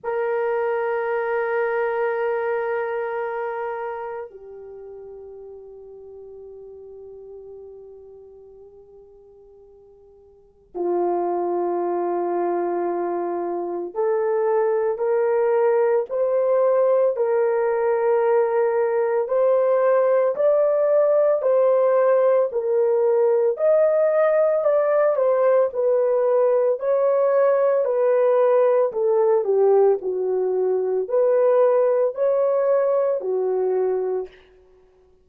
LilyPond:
\new Staff \with { instrumentName = "horn" } { \time 4/4 \tempo 4 = 56 ais'1 | g'1~ | g'2 f'2~ | f'4 a'4 ais'4 c''4 |
ais'2 c''4 d''4 | c''4 ais'4 dis''4 d''8 c''8 | b'4 cis''4 b'4 a'8 g'8 | fis'4 b'4 cis''4 fis'4 | }